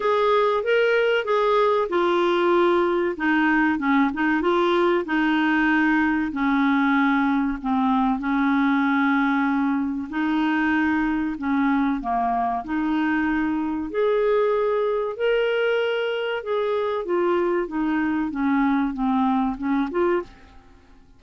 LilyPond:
\new Staff \with { instrumentName = "clarinet" } { \time 4/4 \tempo 4 = 95 gis'4 ais'4 gis'4 f'4~ | f'4 dis'4 cis'8 dis'8 f'4 | dis'2 cis'2 | c'4 cis'2. |
dis'2 cis'4 ais4 | dis'2 gis'2 | ais'2 gis'4 f'4 | dis'4 cis'4 c'4 cis'8 f'8 | }